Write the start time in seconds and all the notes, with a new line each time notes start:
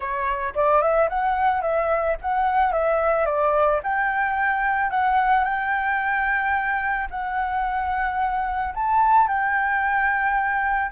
0.00 C#5
0.55 D5
0.81 E5
1.09 F#5
1.61 E5
2.21 F#5
2.72 E5
3.25 D5
3.83 G5
4.90 F#5
5.44 G5
7.10 F#5
8.74 A5
9.27 G5